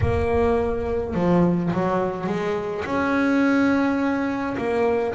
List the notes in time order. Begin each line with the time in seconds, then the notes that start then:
0.00 A#3
1.14 F3
1.72 F#3
2.26 G#3
2.85 C#4
4.57 A#3